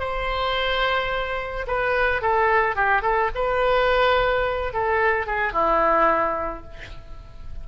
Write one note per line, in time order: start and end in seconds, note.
0.00 1.67 C5
1.68 2.22 B4
2.22 2.76 A4
2.76 3.03 G4
3.03 3.30 A4
3.35 4.74 B4
4.74 5.27 A4
5.27 5.53 G#4
5.53 6.64 E4